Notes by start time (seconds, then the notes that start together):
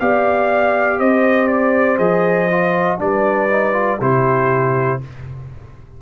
0.00 B3 G4 D5 F5
0.99 C4 C5 D#5
1.48 D5
1.98 F3 G#4 D#5
2.51 F4
2.99 G3 D4 B4 D5
3.49 D#4
3.74 F4
4.00 C3 E4 G4 C5